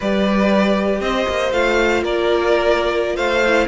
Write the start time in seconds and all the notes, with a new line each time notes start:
0.00 G3 G4 B4 D5
1.00 C4 C5 D#5
1.28 A#3
1.51 A3 F4 F5
2.02 A#3 A#4 D5
3.16 A3 C5 F5
3.46 E4